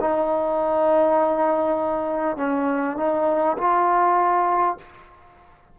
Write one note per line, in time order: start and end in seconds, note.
0.00 2.37 D#4
2.37 2.97 C#4
2.97 3.57 D#4
3.58 4.78 F4